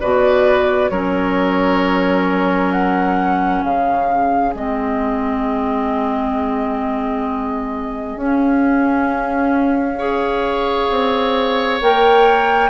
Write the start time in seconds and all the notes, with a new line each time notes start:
0.00 B2 F#4 B4 D5
0.90 F#3 C#4 A#4 C#5
2.72 F#5
3.64 C#3 G#4 F5
4.54 G#3 C4 D#5
8.17 C#4 F5
9.98 G#4 C#5
10.91 C4
11.82 A#3 A#4 G5